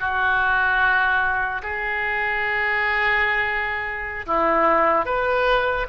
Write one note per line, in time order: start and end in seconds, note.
0.00 1.62 F#4
1.63 4.26 G#4
4.27 5.06 E4
5.06 5.87 B4